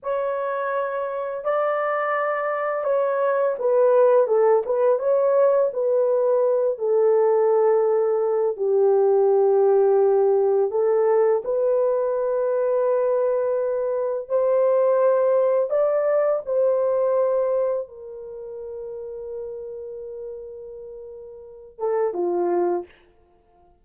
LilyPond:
\new Staff \with { instrumentName = "horn" } { \time 4/4 \tempo 4 = 84 cis''2 d''2 | cis''4 b'4 a'8 b'8 cis''4 | b'4. a'2~ a'8 | g'2. a'4 |
b'1 | c''2 d''4 c''4~ | c''4 ais'2.~ | ais'2~ ais'8 a'8 f'4 | }